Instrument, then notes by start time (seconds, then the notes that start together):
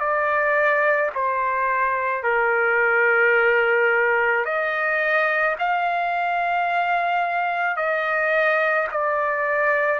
trumpet
0.00 D5
1.15 C5
2.24 A#4
4.45 D#5
5.59 F5
7.77 D#5
8.92 D5